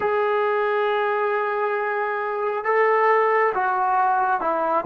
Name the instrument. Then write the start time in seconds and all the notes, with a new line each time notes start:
trombone
0.00 G#4
2.64 A4
3.54 F#4
4.40 E4